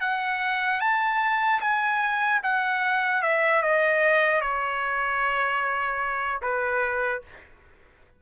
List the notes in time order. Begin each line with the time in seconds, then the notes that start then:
0.00 F#5
0.80 A5
1.60 G#5
2.43 F#5
3.22 E5
3.63 D#5
4.41 C#5
6.42 B4